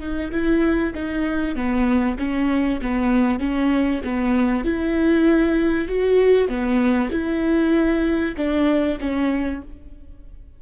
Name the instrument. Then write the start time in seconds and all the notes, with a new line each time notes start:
viola
0.00 D#4
0.31 E4
0.94 D#4
1.55 B3
2.18 C#4
2.81 B3
3.39 C#4
4.04 B3
4.64 E4
5.88 F#4
6.48 B3
7.11 E4
8.37 D4
9.00 C#4